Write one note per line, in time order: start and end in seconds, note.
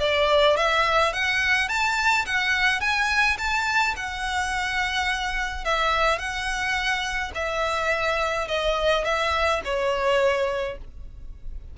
0.00 0.57 D5
0.57 1.13 E5
1.13 1.69 F#5
1.69 2.26 A5
2.26 2.81 F#5
2.81 3.37 G#5
3.38 3.95 A5
3.96 5.65 F#5
5.65 6.19 E5
6.19 7.32 F#5
7.35 8.48 E5
8.48 9.05 D#5
9.05 9.62 E5
9.65 10.78 C#5